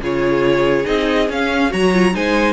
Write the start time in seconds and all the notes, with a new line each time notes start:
0.00 C#3 F4 G#4 C#5
0.84 C4 D#4 D#5
1.30 C#4 F5
1.70 F#3 F#4 C#5 A#5
1.93 F4
2.13 G#3 D#4 C5 G#5